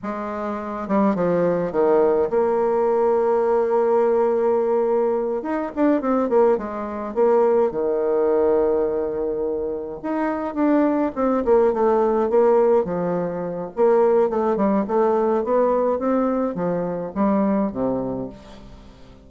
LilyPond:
\new Staff \with { instrumentName = "bassoon" } { \time 4/4 \tempo 4 = 105 gis4. g8 f4 dis4 | ais1~ | ais4. dis'8 d'8 c'8 ais8 gis8~ | gis8 ais4 dis2~ dis8~ |
dis4. dis'4 d'4 c'8 | ais8 a4 ais4 f4. | ais4 a8 g8 a4 b4 | c'4 f4 g4 c4 | }